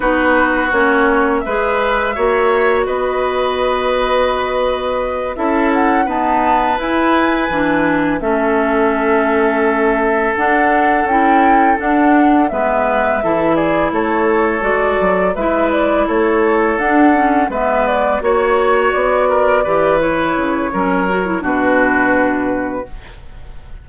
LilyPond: <<
  \new Staff \with { instrumentName = "flute" } { \time 4/4 \tempo 4 = 84 b'4 cis''4 e''2 | dis''2.~ dis''8 e''8 | fis''8 a''4 gis''2 e''8~ | e''2~ e''8 fis''4 g''8~ |
g''8 fis''4 e''4. d''8 cis''8~ | cis''8 d''4 e''8 d''8 cis''4 fis''8~ | fis''8 e''8 d''8 cis''4 d''4. | cis''2 b'2 | }
  \new Staff \with { instrumentName = "oboe" } { \time 4/4 fis'2 b'4 cis''4 | b'2.~ b'8 a'8~ | a'8 b'2. a'8~ | a'1~ |
a'4. b'4 a'8 gis'8 a'8~ | a'4. b'4 a'4.~ | a'8 b'4 cis''4. ais'8 b'8~ | b'4 ais'4 fis'2 | }
  \new Staff \with { instrumentName = "clarinet" } { \time 4/4 dis'4 cis'4 gis'4 fis'4~ | fis'2.~ fis'8 e'8~ | e'8 b4 e'4 d'4 cis'8~ | cis'2~ cis'8 d'4 e'8~ |
e'8 d'4 b4 e'4.~ | e'8 fis'4 e'2 d'8 | cis'8 b4 fis'2 g'8 | e'4 cis'8 fis'16 e'16 d'2 | }
  \new Staff \with { instrumentName = "bassoon" } { \time 4/4 b4 ais4 gis4 ais4 | b2.~ b8 cis'8~ | cis'8 dis'4 e'4 e4 a8~ | a2~ a8 d'4 cis'8~ |
cis'8 d'4 gis4 e4 a8~ | a8 gis8 fis8 gis4 a4 d'8~ | d'8 gis4 ais4 b4 e8~ | e8 cis8 fis4 b,2 | }
>>